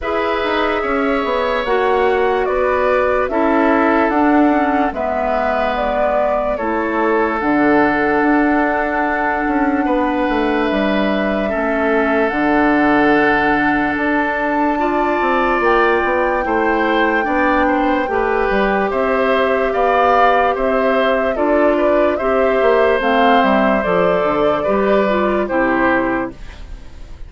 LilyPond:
<<
  \new Staff \with { instrumentName = "flute" } { \time 4/4 \tempo 4 = 73 e''2 fis''4 d''4 | e''4 fis''4 e''4 d''4 | cis''4 fis''2.~ | fis''4 e''2 fis''4~ |
fis''4 a''2 g''4~ | g''2. e''4 | f''4 e''4 d''4 e''4 | f''8 e''8 d''2 c''4 | }
  \new Staff \with { instrumentName = "oboe" } { \time 4/4 b'4 cis''2 b'4 | a'2 b'2 | a'1 | b'2 a'2~ |
a'2 d''2 | c''4 d''8 c''8 b'4 c''4 | d''4 c''4 a'8 b'8 c''4~ | c''2 b'4 g'4 | }
  \new Staff \with { instrumentName = "clarinet" } { \time 4/4 gis'2 fis'2 | e'4 d'8 cis'8 b2 | e'4 d'2.~ | d'2 cis'4 d'4~ |
d'2 f'2 | e'4 d'4 g'2~ | g'2 f'4 g'4 | c'4 a'4 g'8 f'8 e'4 | }
  \new Staff \with { instrumentName = "bassoon" } { \time 4/4 e'8 dis'8 cis'8 b8 ais4 b4 | cis'4 d'4 gis2 | a4 d4 d'4. cis'8 | b8 a8 g4 a4 d4~ |
d4 d'4. c'8 ais8 b8 | a4 b4 a8 g8 c'4 | b4 c'4 d'4 c'8 ais8 | a8 g8 f8 d8 g4 c4 | }
>>